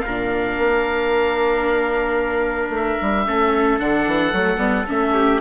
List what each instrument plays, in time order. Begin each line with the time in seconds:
0.00 bassoon A#2, trumpet A#4, oboe F5
0.08 viola D4
0.57 bassoon A#3
2.69 bassoon A3
2.75 oboe E5
3.01 bassoon G3
3.26 bassoon A3, viola C#4, trumpet A4
3.79 bassoon D3, viola D4, oboe F#5
4.06 bassoon E3
4.32 bassoon F#3, viola A3
4.57 bassoon G3, viola B3
4.87 bassoon A3, viola C#4, oboe E5
5.14 trumpet G4